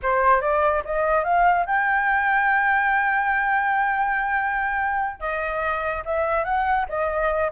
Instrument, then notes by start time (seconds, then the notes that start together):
flute
0.02 C5
0.41 D5
0.84 D#5
1.24 F5
1.66 G5
5.20 D#5
6.05 E5
6.44 F#5
6.88 D#5